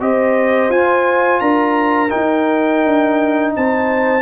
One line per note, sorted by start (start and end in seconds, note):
0.00 0.69 C4
0.00 0.71 G4
0.00 1.41 C5
0.00 0.71 D#5
0.69 1.40 F4
0.69 2.09 F4
0.69 1.40 G#5
1.40 2.11 D4
1.40 3.53 A#4
1.40 2.10 A#5
2.09 4.21 D#4
2.09 3.51 G5
2.15 2.85 D#4
2.85 3.55 D4
3.56 4.21 C4
3.56 4.21 C5
3.56 4.21 A5